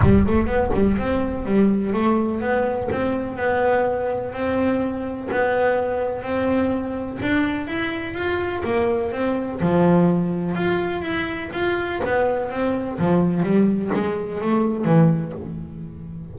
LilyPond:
\new Staff \with { instrumentName = "double bass" } { \time 4/4 \tempo 4 = 125 g8 a8 b8 g8 c'4 g4 | a4 b4 c'4 b4~ | b4 c'2 b4~ | b4 c'2 d'4 |
e'4 f'4 ais4 c'4 | f2 f'4 e'4 | f'4 b4 c'4 f4 | g4 gis4 a4 e4 | }